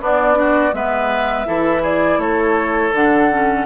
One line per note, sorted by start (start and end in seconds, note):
0.00 0.73 B3
0.00 0.35 B3
0.00 0.38 D4
0.00 0.74 D5
0.35 0.71 D4
0.35 0.75 F#4
0.73 1.46 G#3
0.73 1.46 B3
0.73 1.48 B4
0.73 1.84 E5
1.46 2.18 E3
1.46 2.92 E4
1.46 1.82 A4
1.82 2.19 G#4
1.82 2.20 D5
2.18 2.91 A3
2.18 3.66 A4
2.18 2.93 C#5
2.93 3.66 D3
2.93 3.32 D4
2.93 3.66 F#5
3.32 3.66 C#4